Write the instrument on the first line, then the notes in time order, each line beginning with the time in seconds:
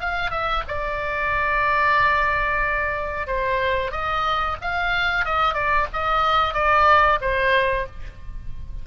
oboe
0.00 F5
0.31 E5
0.68 D5
3.27 C5
3.91 D#5
4.61 F5
5.25 D#5
5.54 D5
5.93 D#5
6.54 D5
7.21 C5